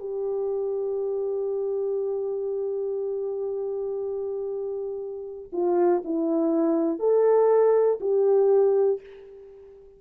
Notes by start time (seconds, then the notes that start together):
0.00 G4
5.53 F4
6.05 E4
7.00 A4
8.00 G4